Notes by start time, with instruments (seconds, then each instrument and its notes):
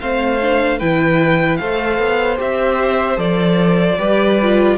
0.00 cello A3, viola C4, violin C5 F5
0.42 viola D4
0.78 cello E3, viola E4, violin B4 G5
1.57 cello A3, viola A4, violin C5 F5
1.99 cello B3
2.37 cello C4, viola G4, violin E5
3.17 cello F3, viola A4, violin D5
3.98 cello G3, viola G4, violin B4
4.42 viola F4